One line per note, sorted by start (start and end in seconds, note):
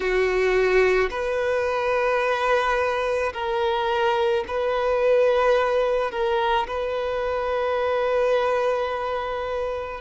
0.00 1.09 F#4
1.10 3.32 B4
3.33 4.44 A#4
4.47 6.11 B4
6.11 6.66 A#4
6.67 10.00 B4